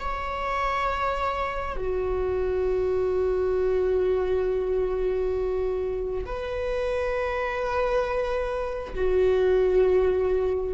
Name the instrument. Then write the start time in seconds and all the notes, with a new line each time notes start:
viola
0.00 C#5
1.77 F#4
6.26 B4
8.96 F#4